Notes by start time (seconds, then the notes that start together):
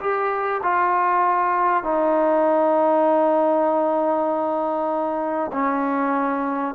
0.00 G4
0.63 F4
1.84 D#4
5.52 C#4